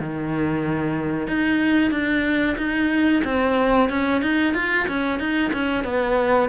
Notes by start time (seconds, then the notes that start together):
0.00 D#3
1.27 D#4
1.91 D4
2.58 D#4
3.24 C4
3.90 C#4
4.22 D#4
4.54 F4
4.88 C#4
5.20 D#4
5.53 C#4
5.84 B3